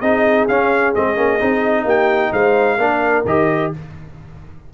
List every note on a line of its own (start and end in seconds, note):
0.00 0.47 C4
0.00 0.49 D#4
0.00 1.85 G#4
0.00 0.46 D#5
0.48 0.94 C#4
0.48 0.95 C#4
0.48 0.94 F5
0.95 1.17 G#3
0.95 1.16 C4
0.95 1.87 D#5
1.16 1.40 A#3
1.16 1.39 C#4
1.40 1.84 C4
1.40 2.78 D#4
1.84 2.30 A#3
1.84 2.31 G4
1.84 2.33 G5
2.32 2.77 G#3
2.32 2.78 C5
2.32 3.25 F5
2.77 3.24 A#3
2.77 3.25 D4
2.77 3.73 A#4
3.25 3.71 D#3
3.25 3.73 G4
3.25 3.72 D#5